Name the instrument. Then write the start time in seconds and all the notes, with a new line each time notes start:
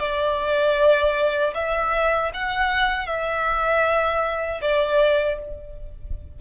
violin
0.00 D5
1.54 E5
2.34 F#5
3.07 E5
4.62 D5